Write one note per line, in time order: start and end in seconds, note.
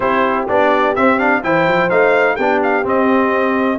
0.00 0.48 C4
0.00 0.47 E4
0.00 1.43 G4
0.00 0.45 C5
0.48 0.96 B3
0.48 0.96 D4
0.48 0.95 D5
0.95 1.43 C4
0.95 1.18 C4
0.95 1.18 E5
1.18 1.42 D4
1.18 1.42 F5
1.43 1.67 E3
1.43 1.90 E4
1.43 2.34 C5
1.43 1.89 G5
1.67 1.91 F3
1.89 2.37 A3
1.89 2.37 D#4
1.89 2.35 F5
2.34 2.85 B3
2.34 2.83 D4
2.34 3.77 G4
2.34 2.59 G5
2.62 2.86 F5
2.83 3.78 C4
2.83 3.79 C4
2.83 3.79 D#5